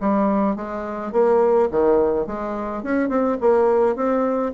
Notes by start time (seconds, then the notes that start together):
0.00 G3
0.56 G#3
1.12 A#3
1.71 D#3
2.26 G#3
2.83 C#4
3.09 C4
3.40 A#3
3.95 C4